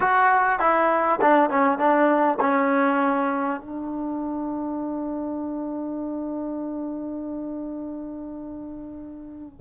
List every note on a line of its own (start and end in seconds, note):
0.00 0.59 F#4
0.59 1.19 E4
1.21 1.50 D4
1.50 1.78 C#4
1.78 2.38 D4
2.40 3.60 C#4
3.60 9.60 D4